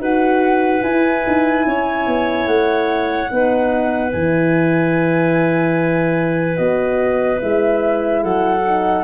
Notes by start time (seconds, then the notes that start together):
0.00 D#4 F#4 B4 F#5
0.83 E4 G#5
1.27 D#4
1.66 C#4 C#5
2.07 B3
2.47 A3 F#5
3.29 B3 D#4 B4
4.12 E3 E4 G#5
6.57 B3 F#4 D#5
7.38 G#3 E4 E5
8.23 F#3 A4 F#5
8.65 D#4